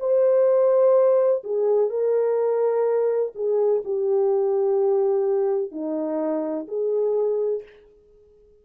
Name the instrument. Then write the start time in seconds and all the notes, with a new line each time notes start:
horn
0.00 C5
1.44 G#4
1.90 A#4
3.35 G#4
3.85 G4
5.71 D#4
6.68 G#4